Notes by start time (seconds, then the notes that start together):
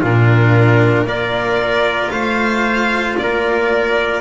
0.00 A#2 D4 F4 A#4
1.04 A#3 F4 A#4 D5
2.10 A3 C5 F5
3.18 A#3 A#4 D5